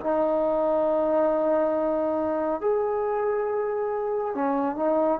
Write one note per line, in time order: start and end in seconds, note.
0.00 2.60 D#4
2.60 4.34 G#4
4.34 4.76 C#4
4.76 5.19 D#4